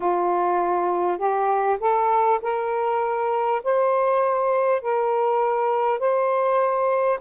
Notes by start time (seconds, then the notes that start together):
0.00 F4
1.17 G4
1.80 A4
2.42 A#4
3.63 C5
4.81 A#4
5.99 C5